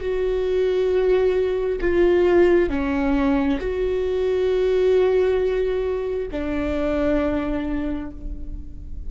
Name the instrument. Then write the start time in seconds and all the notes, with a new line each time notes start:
viola
0.00 F#4
1.80 F4
2.69 C#4
3.59 F#4
6.31 D4